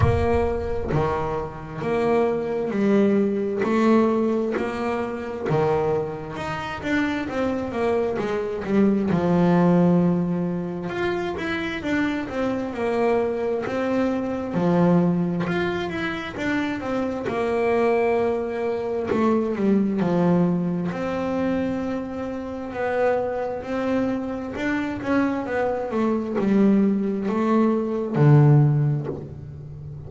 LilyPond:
\new Staff \with { instrumentName = "double bass" } { \time 4/4 \tempo 4 = 66 ais4 dis4 ais4 g4 | a4 ais4 dis4 dis'8 d'8 | c'8 ais8 gis8 g8 f2 | f'8 e'8 d'8 c'8 ais4 c'4 |
f4 f'8 e'8 d'8 c'8 ais4~ | ais4 a8 g8 f4 c'4~ | c'4 b4 c'4 d'8 cis'8 | b8 a8 g4 a4 d4 | }